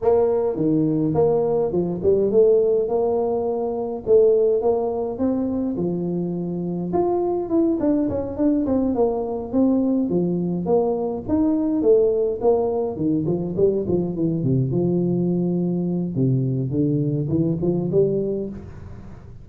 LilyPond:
\new Staff \with { instrumentName = "tuba" } { \time 4/4 \tempo 4 = 104 ais4 dis4 ais4 f8 g8 | a4 ais2 a4 | ais4 c'4 f2 | f'4 e'8 d'8 cis'8 d'8 c'8 ais8~ |
ais8 c'4 f4 ais4 dis'8~ | dis'8 a4 ais4 dis8 f8 g8 | f8 e8 c8 f2~ f8 | c4 d4 e8 f8 g4 | }